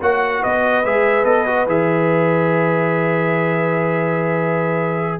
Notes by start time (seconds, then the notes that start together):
0.00 A#3 F#4 C#5 F#5
0.41 B3 B4 D#5
0.85 G#3 G#4 E5
1.25 B3 A4 D#5
1.46 F#4
1.67 E3 G#4 E5